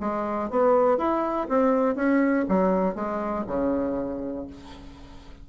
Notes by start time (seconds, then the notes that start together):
0.00 G#3
0.50 B3
0.98 E4
1.49 C4
1.95 C#4
2.49 F#3
2.95 G#3
3.47 C#3